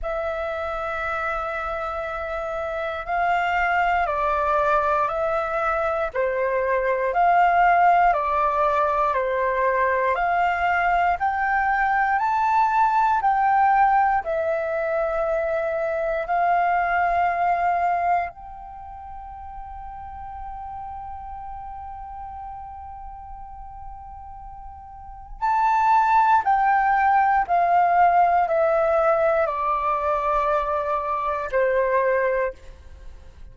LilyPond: \new Staff \with { instrumentName = "flute" } { \time 4/4 \tempo 4 = 59 e''2. f''4 | d''4 e''4 c''4 f''4 | d''4 c''4 f''4 g''4 | a''4 g''4 e''2 |
f''2 g''2~ | g''1~ | g''4 a''4 g''4 f''4 | e''4 d''2 c''4 | }